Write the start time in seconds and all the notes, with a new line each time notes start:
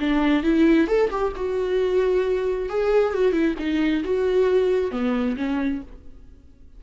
0.00 D4
0.43 E4
0.88 A4
1.10 G4
1.36 F#4
2.69 G#4
3.14 F#4
3.32 E4
3.59 D#4
4.04 F#4
4.91 B3
5.37 C#4